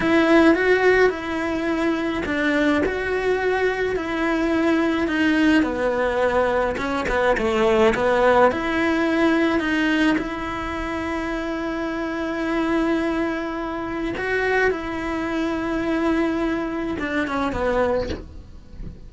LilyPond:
\new Staff \with { instrumentName = "cello" } { \time 4/4 \tempo 4 = 106 e'4 fis'4 e'2 | d'4 fis'2 e'4~ | e'4 dis'4 b2 | cis'8 b8 a4 b4 e'4~ |
e'4 dis'4 e'2~ | e'1~ | e'4 fis'4 e'2~ | e'2 d'8 cis'8 b4 | }